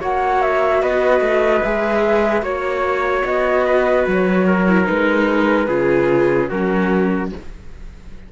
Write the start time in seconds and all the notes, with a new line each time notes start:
0.00 A#3 F#4 C#5 F#5
0.42 E5
0.82 B3 B4 D#5
1.20 A3
1.62 G#3 G#4 E5
2.42 A#3 F#4 C#5
3.24 B3 D#5
3.66 B4
4.07 F#3 C#5
4.46 A#4
4.68 E4
4.84 G#3 D#4 B4
5.68 C#3 F4 G#4
6.49 F#3 C#4 F#4 A#4